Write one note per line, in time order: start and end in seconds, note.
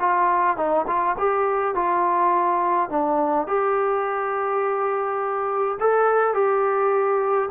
0.00 0.57 F4
0.57 0.85 D#4
0.87 1.16 F4
1.18 1.75 G4
1.75 2.90 F4
2.90 3.47 D4
3.47 5.78 G4
5.80 6.34 A4
6.34 7.49 G4